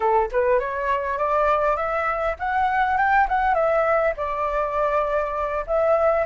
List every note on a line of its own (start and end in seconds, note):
0.00 0.29 A4
0.31 0.59 B4
0.59 1.18 C#5
1.18 1.76 D5
1.76 2.35 E5
2.39 2.97 F#5
2.97 3.27 G5
3.28 3.54 F#5
3.54 4.13 E5
4.16 5.65 D5
5.66 6.26 E5